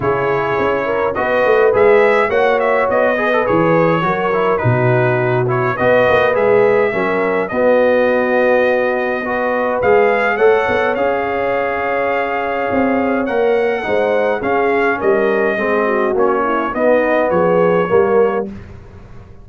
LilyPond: <<
  \new Staff \with { instrumentName = "trumpet" } { \time 4/4 \tempo 4 = 104 cis''2 dis''4 e''4 | fis''8 e''8 dis''4 cis''2 | b'4. cis''8 dis''4 e''4~ | e''4 dis''2.~ |
dis''4 f''4 fis''4 f''4~ | f''2. fis''4~ | fis''4 f''4 dis''2 | cis''4 dis''4 cis''2 | }
  \new Staff \with { instrumentName = "horn" } { \time 4/4 gis'4. ais'8 b'2 | cis''4. b'4. ais'4 | fis'2 b'2 | ais'4 fis'2. |
b'2 cis''2~ | cis''1 | c''4 gis'4 ais'4 gis'8 fis'8~ | fis'8 e'8 dis'4 gis'4 ais'4 | }
  \new Staff \with { instrumentName = "trombone" } { \time 4/4 e'2 fis'4 gis'4 | fis'4. gis'16 a'16 gis'4 fis'8 e'8 | dis'4. e'8 fis'4 gis'4 | cis'4 b2. |
fis'4 gis'4 a'4 gis'4~ | gis'2. ais'4 | dis'4 cis'2 c'4 | cis'4 b2 ais4 | }
  \new Staff \with { instrumentName = "tuba" } { \time 4/4 cis4 cis'4 b8 a8 gis4 | ais4 b4 e4 fis4 | b,2 b8 ais8 gis4 | fis4 b2.~ |
b4 gis4 a8 b8 cis'4~ | cis'2 c'4 ais4 | gis4 cis'4 g4 gis4 | ais4 b4 f4 g4 | }
>>